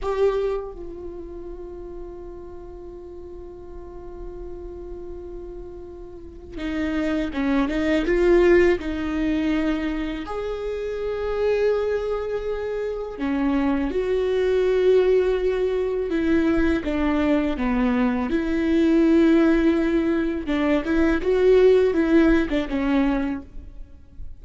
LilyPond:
\new Staff \with { instrumentName = "viola" } { \time 4/4 \tempo 4 = 82 g'4 f'2.~ | f'1~ | f'4 dis'4 cis'8 dis'8 f'4 | dis'2 gis'2~ |
gis'2 cis'4 fis'4~ | fis'2 e'4 d'4 | b4 e'2. | d'8 e'8 fis'4 e'8. d'16 cis'4 | }